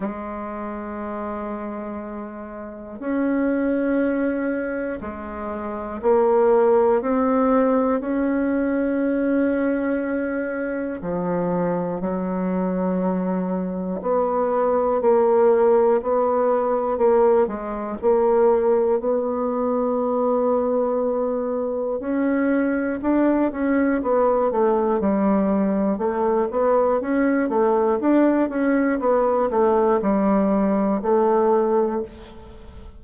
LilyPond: \new Staff \with { instrumentName = "bassoon" } { \time 4/4 \tempo 4 = 60 gis2. cis'4~ | cis'4 gis4 ais4 c'4 | cis'2. f4 | fis2 b4 ais4 |
b4 ais8 gis8 ais4 b4~ | b2 cis'4 d'8 cis'8 | b8 a8 g4 a8 b8 cis'8 a8 | d'8 cis'8 b8 a8 g4 a4 | }